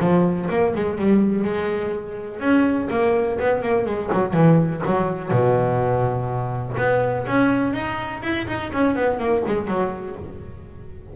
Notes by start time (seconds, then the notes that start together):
0.00 F3
0.50 A#3
0.75 G#3
0.99 G3
1.45 G#3
2.40 C#4
2.90 A#3
3.40 B3
3.62 A#3
3.86 G#3
4.13 F#3
4.34 E3
4.86 F#3
5.31 B2
6.78 B3
7.27 C#4
7.74 D#4
8.23 E4
8.48 D#4
8.73 C#4
8.96 B3
9.19 A#3
9.47 G#3
9.68 F#3